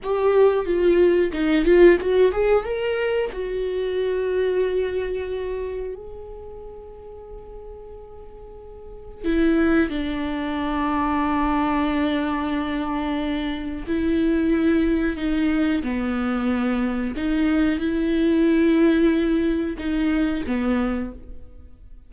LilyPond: \new Staff \with { instrumentName = "viola" } { \time 4/4 \tempo 4 = 91 g'4 f'4 dis'8 f'8 fis'8 gis'8 | ais'4 fis'2.~ | fis'4 gis'2.~ | gis'2 e'4 d'4~ |
d'1~ | d'4 e'2 dis'4 | b2 dis'4 e'4~ | e'2 dis'4 b4 | }